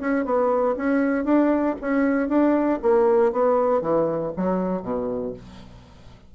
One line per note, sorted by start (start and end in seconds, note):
0.00 0.24 C#4
0.24 0.75 B3
0.76 1.24 C#4
1.24 1.75 D4
1.81 2.28 C#4
2.28 2.79 D4
2.82 3.32 A#3
3.32 3.81 B3
3.81 4.32 E3
4.36 4.82 F#3
4.82 5.33 B2